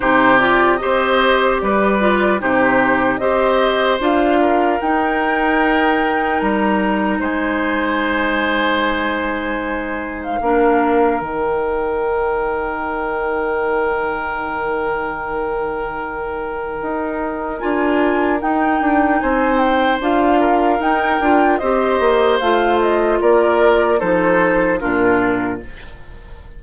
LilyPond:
<<
  \new Staff \with { instrumentName = "flute" } { \time 4/4 \tempo 4 = 75 c''8 d''8 dis''4 d''4 c''4 | dis''4 f''4 g''2 | ais''4 gis''2.~ | gis''8. f''4~ f''16 g''2~ |
g''1~ | g''2 gis''4 g''4 | gis''8 g''8 f''4 g''4 dis''4 | f''8 dis''8 d''4 c''4 ais'4 | }
  \new Staff \with { instrumentName = "oboe" } { \time 4/4 g'4 c''4 b'4 g'4 | c''4. ais'2~ ais'8~ | ais'4 c''2.~ | c''4 ais'2.~ |
ais'1~ | ais'1 | c''4. ais'4. c''4~ | c''4 ais'4 a'4 f'4 | }
  \new Staff \with { instrumentName = "clarinet" } { \time 4/4 dis'8 f'8 g'4. f'8 dis'4 | g'4 f'4 dis'2~ | dis'1~ | dis'4 d'4 dis'2~ |
dis'1~ | dis'2 f'4 dis'4~ | dis'4 f'4 dis'8 f'8 g'4 | f'2 dis'4 d'4 | }
  \new Staff \with { instrumentName = "bassoon" } { \time 4/4 c4 c'4 g4 c4 | c'4 d'4 dis'2 | g4 gis2.~ | gis4 ais4 dis2~ |
dis1~ | dis4 dis'4 d'4 dis'8 d'8 | c'4 d'4 dis'8 d'8 c'8 ais8 | a4 ais4 f4 ais,4 | }
>>